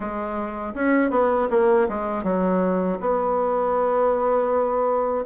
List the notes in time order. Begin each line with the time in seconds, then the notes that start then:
0.00 G#3
0.74 C#4
1.10 B3
1.50 A#3
1.89 G#3
2.23 F#3
3.00 B3